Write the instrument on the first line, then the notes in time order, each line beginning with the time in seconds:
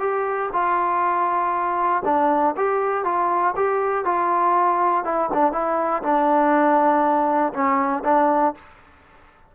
trombone
0.00 G4
0.53 F4
2.05 D4
2.57 G4
3.05 F4
3.56 G4
4.05 F4
5.05 E4
5.34 D4
5.52 E4
6.03 D4
7.54 C#4
8.05 D4